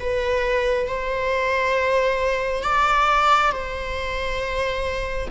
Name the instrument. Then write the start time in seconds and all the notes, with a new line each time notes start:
viola
0.00 B4
0.88 C5
2.64 D5
3.53 C5